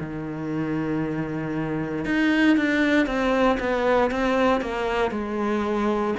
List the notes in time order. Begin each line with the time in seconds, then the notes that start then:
0.00 D#3
2.05 D#4
2.57 D4
3.07 C4
3.60 B3
4.11 C4
4.61 A#3
5.11 G#3